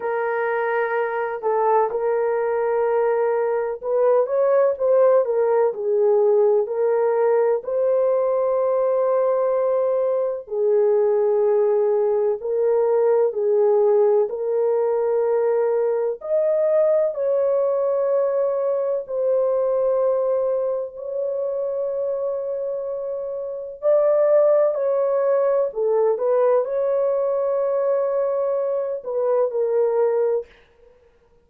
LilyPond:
\new Staff \with { instrumentName = "horn" } { \time 4/4 \tempo 4 = 63 ais'4. a'8 ais'2 | b'8 cis''8 c''8 ais'8 gis'4 ais'4 | c''2. gis'4~ | gis'4 ais'4 gis'4 ais'4~ |
ais'4 dis''4 cis''2 | c''2 cis''2~ | cis''4 d''4 cis''4 a'8 b'8 | cis''2~ cis''8 b'8 ais'4 | }